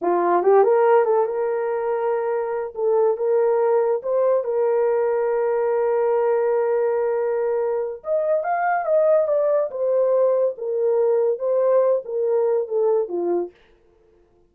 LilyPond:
\new Staff \with { instrumentName = "horn" } { \time 4/4 \tempo 4 = 142 f'4 g'8 ais'4 a'8 ais'4~ | ais'2~ ais'8 a'4 ais'8~ | ais'4. c''4 ais'4.~ | ais'1~ |
ais'2. dis''4 | f''4 dis''4 d''4 c''4~ | c''4 ais'2 c''4~ | c''8 ais'4. a'4 f'4 | }